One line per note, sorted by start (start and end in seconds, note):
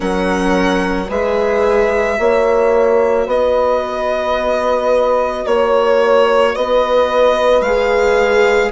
0.00 1.09 F#3
0.00 1.06 C#4
0.00 1.09 A#4
0.00 1.10 F#5
1.08 2.18 G#3
1.08 2.16 G#4
1.08 2.18 B4
1.08 3.29 E5
2.16 3.26 A#3
2.16 7.62 F#4
2.16 3.27 C#5
3.26 5.45 B3
3.26 5.45 B4
3.26 5.46 D#5
5.45 6.55 A#3
5.45 6.55 C#5
6.55 7.61 B3
6.55 8.71 B4
6.55 7.62 D#5
7.61 8.70 G#3
7.61 8.71 G#4
7.61 8.71 F5